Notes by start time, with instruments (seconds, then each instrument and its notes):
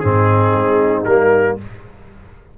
0.00 tuba G#2, trombone C4, horn D#4, trumpet G#4
0.53 tuba G#3
1.05 tuba G3, trombone A#3, trumpet A#4